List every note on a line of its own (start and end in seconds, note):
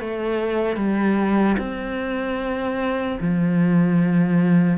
0.00 0.76 A3
0.76 1.56 G3
1.58 3.18 C4
3.20 4.78 F3